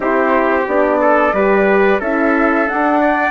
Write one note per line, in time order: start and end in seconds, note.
0.00 0.65 C4
0.00 0.65 E4
0.00 1.00 G4
0.00 0.67 C5
0.67 1.32 B3
0.67 1.33 D4
0.67 2.01 D5
1.00 1.34 A4
1.32 1.99 G3
1.32 2.00 G4
1.32 2.00 B4
2.00 2.67 C#4
2.00 2.66 E4
2.00 3.00 A4
2.00 2.68 E5
2.66 3.30 D4
2.66 3.30 F#5
3.00 3.30 D5